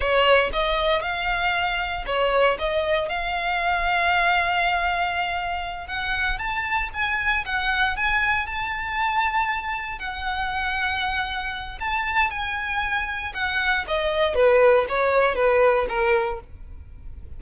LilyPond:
\new Staff \with { instrumentName = "violin" } { \time 4/4 \tempo 4 = 117 cis''4 dis''4 f''2 | cis''4 dis''4 f''2~ | f''2.~ f''8 fis''8~ | fis''8 a''4 gis''4 fis''4 gis''8~ |
gis''8 a''2. fis''8~ | fis''2. a''4 | gis''2 fis''4 dis''4 | b'4 cis''4 b'4 ais'4 | }